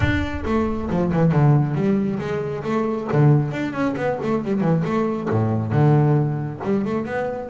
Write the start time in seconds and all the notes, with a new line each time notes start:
0.00 D4
0.45 A3
0.89 F3
1.12 E3
1.32 D3
1.74 G3
2.19 G#3
2.63 A3
3.12 D3
3.51 D4
3.72 C#4
3.96 B3
4.23 A3
4.44 G3
4.61 E3
4.84 A3
5.29 A2
5.72 D3
6.63 G3
6.85 A3
7.05 B3